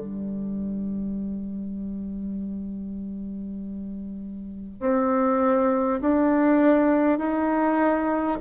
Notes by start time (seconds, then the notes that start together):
0.00 G3
4.81 C4
6.01 D4
7.18 D#4